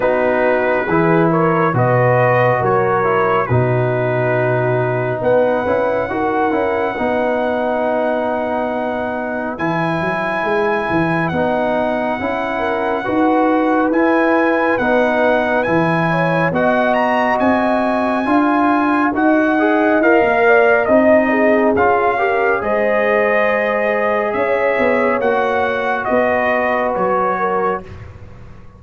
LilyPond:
<<
  \new Staff \with { instrumentName = "trumpet" } { \time 4/4 \tempo 4 = 69 b'4. cis''8 dis''4 cis''4 | b'2 fis''2~ | fis''2. gis''4~ | gis''4 fis''2. |
gis''4 fis''4 gis''4 fis''8 ais''8 | gis''2 fis''4 f''4 | dis''4 f''4 dis''2 | e''4 fis''4 dis''4 cis''4 | }
  \new Staff \with { instrumentName = "horn" } { \time 4/4 fis'4 gis'8 ais'8 b'4 ais'4 | fis'2 b'4 ais'4 | b'1~ | b'2~ b'8 ais'8 b'4~ |
b'2~ b'8 cis''8 dis''4~ | dis''4 f''4 dis''4. d''8 | dis''8 gis'4 ais'8 c''2 | cis''2 b'4. ais'8 | }
  \new Staff \with { instrumentName = "trombone" } { \time 4/4 dis'4 e'4 fis'4. e'8 | dis'2~ dis'8 e'8 fis'8 e'8 | dis'2. e'4~ | e'4 dis'4 e'4 fis'4 |
e'4 dis'4 e'4 fis'4~ | fis'4 f'4 fis'8 gis'8 ais'4 | dis'4 f'8 g'8 gis'2~ | gis'4 fis'2. | }
  \new Staff \with { instrumentName = "tuba" } { \time 4/4 b4 e4 b,4 fis4 | b,2 b8 cis'8 dis'8 cis'8 | b2. e8 fis8 | gis8 e8 b4 cis'4 dis'4 |
e'4 b4 e4 b4 | c'4 d'4 dis'4 e'16 ais8. | c'4 cis'4 gis2 | cis'8 b8 ais4 b4 fis4 | }
>>